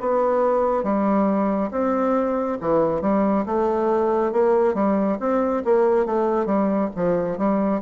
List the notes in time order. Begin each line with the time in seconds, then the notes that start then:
0.00 B3
0.83 G3
1.71 C4
2.61 E3
3.02 G3
3.46 A3
4.32 A#3
4.74 G3
5.20 C4
5.64 A#3
6.06 A3
6.46 G3
6.96 F3
7.38 G3